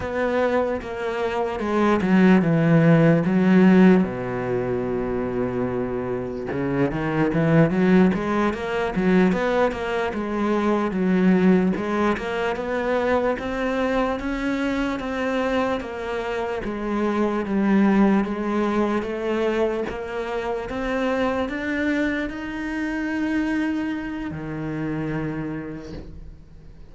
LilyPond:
\new Staff \with { instrumentName = "cello" } { \time 4/4 \tempo 4 = 74 b4 ais4 gis8 fis8 e4 | fis4 b,2. | cis8 dis8 e8 fis8 gis8 ais8 fis8 b8 | ais8 gis4 fis4 gis8 ais8 b8~ |
b8 c'4 cis'4 c'4 ais8~ | ais8 gis4 g4 gis4 a8~ | a8 ais4 c'4 d'4 dis'8~ | dis'2 dis2 | }